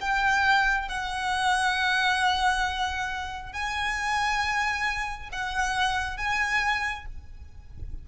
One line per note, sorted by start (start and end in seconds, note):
0.00 0.88 G5
0.88 3.52 F#5
3.52 5.29 G#5
5.31 6.17 F#5
6.17 7.05 G#5